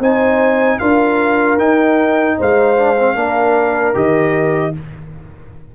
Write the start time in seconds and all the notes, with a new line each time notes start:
0.00 C4 D#4 C5 G#5
0.79 D4 F4 A#4 F5
1.58 D#4 G5
2.38 G#3 C5 F5
2.77 D4
2.99 C4
3.15 A#3 D4 A#4
3.94 D#3 G4 D#5